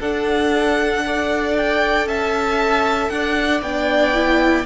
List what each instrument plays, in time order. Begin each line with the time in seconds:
0.00 viola D4, cello D4, violin A4 F#5
1.05 viola A4, violin D5
1.57 violin G5
2.06 cello C#4, violin E5 A5
3.09 cello D4, violin D5 F#5
3.62 cello B3, viola D4, violin G5
4.14 viola E4